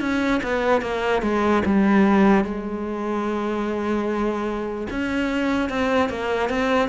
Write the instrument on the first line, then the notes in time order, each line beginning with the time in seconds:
cello
0.00 C#4
0.43 B3
0.81 A#3
1.22 G#3
1.65 G3
2.44 G#3
4.90 C#4
5.69 C4
6.09 A#3
6.49 C4